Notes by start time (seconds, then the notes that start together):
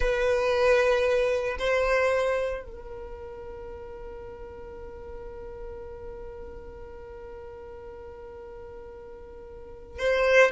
0.00 B4
1.58 C5
2.64 A#4
9.98 C5